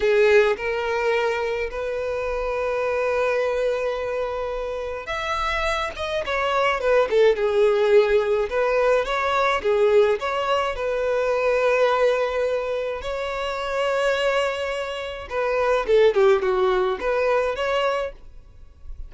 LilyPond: \new Staff \with { instrumentName = "violin" } { \time 4/4 \tempo 4 = 106 gis'4 ais'2 b'4~ | b'1~ | b'4 e''4. dis''8 cis''4 | b'8 a'8 gis'2 b'4 |
cis''4 gis'4 cis''4 b'4~ | b'2. cis''4~ | cis''2. b'4 | a'8 g'8 fis'4 b'4 cis''4 | }